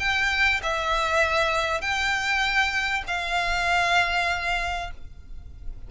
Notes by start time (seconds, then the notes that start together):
0.00 G5
0.63 E5
1.81 G5
3.08 F5